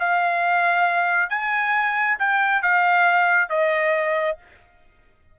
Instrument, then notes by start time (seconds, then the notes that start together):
trumpet
0.00 F5
1.30 G#5
2.19 G5
2.62 F5
3.50 D#5